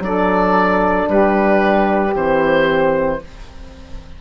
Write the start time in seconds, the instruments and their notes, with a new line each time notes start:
0.00 bassoon F#3, horn D4, saxophone A4, oboe D5
1.09 bassoon G3, saxophone G4, oboe B4
2.15 bassoon E3, horn C4, oboe C5